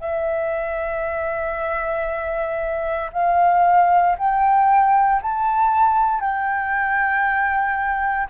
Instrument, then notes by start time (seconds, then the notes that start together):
flute
0.00 E5
3.13 F5
4.18 G5
5.22 A5
6.20 G5